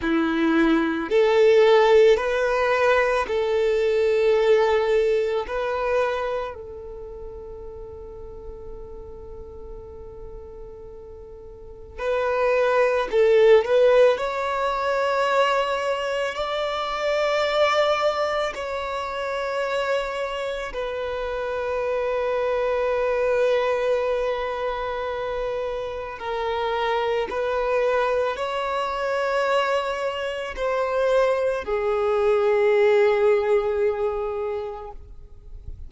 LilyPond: \new Staff \with { instrumentName = "violin" } { \time 4/4 \tempo 4 = 55 e'4 a'4 b'4 a'4~ | a'4 b'4 a'2~ | a'2. b'4 | a'8 b'8 cis''2 d''4~ |
d''4 cis''2 b'4~ | b'1 | ais'4 b'4 cis''2 | c''4 gis'2. | }